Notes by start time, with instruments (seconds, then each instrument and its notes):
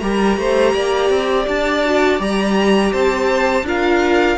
0.00 cello G3, viola G4, violin A#4 A#5
0.38 cello A3, violin C5
0.75 cello A#3, violin D5
1.10 cello C4
1.48 cello D4, violin A5
1.86 viola F#4
2.19 cello G3, viola G4, violin A#5
2.93 cello C4, violin C5 A5
3.63 cello D4, viola F4, violin A#4 F5